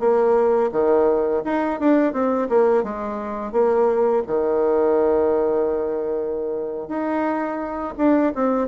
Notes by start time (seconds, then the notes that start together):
0.00 A#3
0.73 D#3
1.45 D#4
1.80 D4
2.13 C4
2.50 A#3
2.84 G#3
3.53 A#3
4.27 D#3
6.89 D#4
7.98 D4
8.36 C4